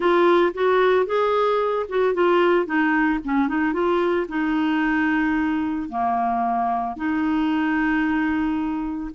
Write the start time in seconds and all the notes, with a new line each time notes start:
0.00 F4
0.54 F#4
1.06 G#4
1.88 F#4
2.14 F4
2.65 D#4
3.24 C#4
3.47 D#4
3.73 F4
4.28 D#4
5.89 A#3
6.96 D#4